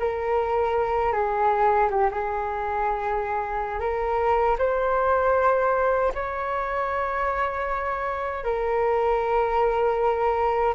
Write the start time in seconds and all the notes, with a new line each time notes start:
0.00 A#4
1.13 G#4
1.91 G4
2.12 G#4
3.80 A#4
4.59 C5
6.15 C#5
8.44 A#4